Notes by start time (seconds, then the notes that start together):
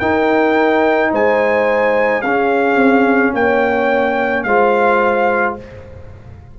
0.00 D#4 A#4 G5
1.11 G#3 C5 G#5
2.22 C#4 G#4 F5
2.76 C4
3.34 A#3 C#5 G5
4.44 G#3 F4 C5 F5